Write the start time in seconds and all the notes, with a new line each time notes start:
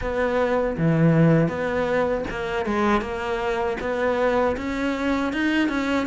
0.01 B3
0.77 E3
1.48 B3
2.30 A#3
2.65 G#3
3.01 A#3
3.80 B3
4.56 C#4
5.33 D#4
5.69 C#4